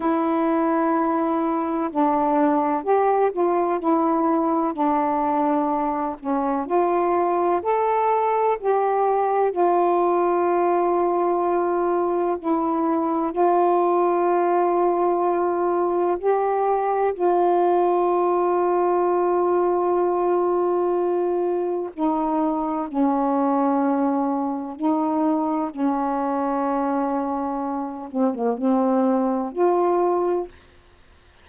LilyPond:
\new Staff \with { instrumentName = "saxophone" } { \time 4/4 \tempo 4 = 63 e'2 d'4 g'8 f'8 | e'4 d'4. cis'8 f'4 | a'4 g'4 f'2~ | f'4 e'4 f'2~ |
f'4 g'4 f'2~ | f'2. dis'4 | cis'2 dis'4 cis'4~ | cis'4. c'16 ais16 c'4 f'4 | }